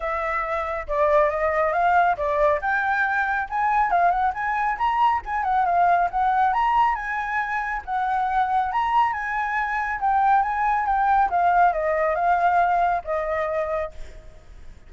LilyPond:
\new Staff \with { instrumentName = "flute" } { \time 4/4 \tempo 4 = 138 e''2 d''4 dis''4 | f''4 d''4 g''2 | gis''4 f''8 fis''8 gis''4 ais''4 | gis''8 fis''8 f''4 fis''4 ais''4 |
gis''2 fis''2 | ais''4 gis''2 g''4 | gis''4 g''4 f''4 dis''4 | f''2 dis''2 | }